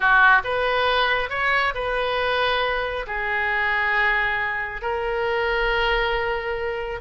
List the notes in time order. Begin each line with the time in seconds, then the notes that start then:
0.00 F#4
0.44 B4
1.29 C#5
1.74 B4
3.06 G#4
4.81 A#4